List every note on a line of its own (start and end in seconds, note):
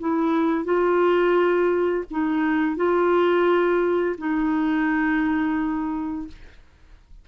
0.00 0.64 E4
0.64 2.04 F4
2.11 2.76 D#4
2.76 4.16 F4
4.18 6.27 D#4